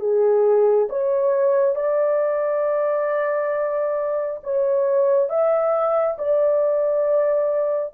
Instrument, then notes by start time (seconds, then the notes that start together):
horn
0.00 G#4
0.89 C#5
1.76 D5
4.44 C#5
5.29 E5
6.18 D5